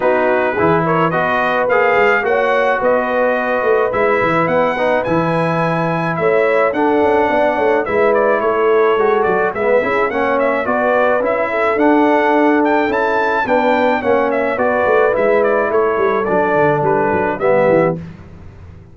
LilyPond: <<
  \new Staff \with { instrumentName = "trumpet" } { \time 4/4 \tempo 4 = 107 b'4. cis''8 dis''4 f''4 | fis''4 dis''2 e''4 | fis''4 gis''2 e''4 | fis''2 e''8 d''8 cis''4~ |
cis''8 d''8 e''4 fis''8 e''8 d''4 | e''4 fis''4. g''8 a''4 | g''4 fis''8 e''8 d''4 e''8 d''8 | cis''4 d''4 b'4 e''4 | }
  \new Staff \with { instrumentName = "horn" } { \time 4/4 fis'4 gis'8 ais'8 b'2 | cis''4 b'2.~ | b'2. cis''4 | a'4 d''8 cis''8 b'4 a'4~ |
a'4 b'8 gis'8 cis''4 b'4~ | b'8 a'2.~ a'8 | b'4 cis''4 b'2 | a'2. g'4 | }
  \new Staff \with { instrumentName = "trombone" } { \time 4/4 dis'4 e'4 fis'4 gis'4 | fis'2. e'4~ | e'8 dis'8 e'2. | d'2 e'2 |
fis'4 b8 e'8 cis'4 fis'4 | e'4 d'2 e'4 | d'4 cis'4 fis'4 e'4~ | e'4 d'2 b4 | }
  \new Staff \with { instrumentName = "tuba" } { \time 4/4 b4 e4 b4 ais8 gis8 | ais4 b4. a8 gis8 e8 | b4 e2 a4 | d'8 cis'8 b8 a8 gis4 a4 |
gis8 fis8 gis8 cis'8 ais4 b4 | cis'4 d'2 cis'4 | b4 ais4 b8 a8 gis4 | a8 g8 fis8 d8 g8 fis8 g8 e8 | }
>>